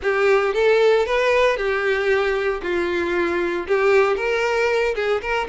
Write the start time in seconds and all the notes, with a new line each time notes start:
0.02 G4
0.54 A4
1.06 B4
1.56 G4
2.62 F4
3.67 G4
4.16 A#4
4.95 G#4
5.21 A#4